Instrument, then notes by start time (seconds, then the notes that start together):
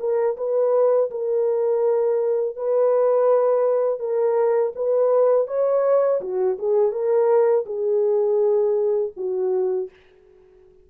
horn
0.00 A#4
0.38 B4
1.11 A#4
2.56 B4
4.00 A#4
4.76 B4
5.48 C#5
6.21 F#4
6.59 G#4
6.92 A#4
7.66 G#4
9.17 F#4